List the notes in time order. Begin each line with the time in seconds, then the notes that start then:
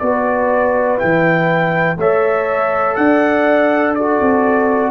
0.00 B3 F#4 B4 D5
0.98 E3 E4 G5
1.98 A3 A4 C#5 E5
2.96 D4 D5 F#5
3.95 F#4 A4 D5
4.21 C4